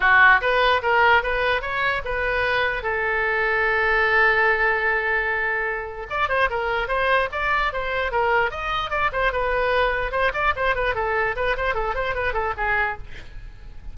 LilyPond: \new Staff \with { instrumentName = "oboe" } { \time 4/4 \tempo 4 = 148 fis'4 b'4 ais'4 b'4 | cis''4 b'2 a'4~ | a'1~ | a'2. d''8 c''8 |
ais'4 c''4 d''4 c''4 | ais'4 dis''4 d''8 c''8 b'4~ | b'4 c''8 d''8 c''8 b'8 a'4 | b'8 c''8 a'8 c''8 b'8 a'8 gis'4 | }